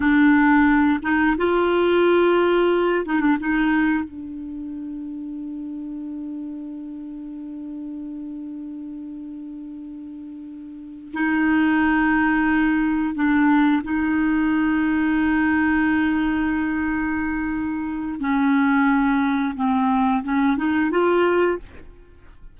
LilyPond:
\new Staff \with { instrumentName = "clarinet" } { \time 4/4 \tempo 4 = 89 d'4. dis'8 f'2~ | f'8 dis'16 d'16 dis'4 d'2~ | d'1~ | d'1~ |
d'8 dis'2. d'8~ | d'8 dis'2.~ dis'8~ | dis'2. cis'4~ | cis'4 c'4 cis'8 dis'8 f'4 | }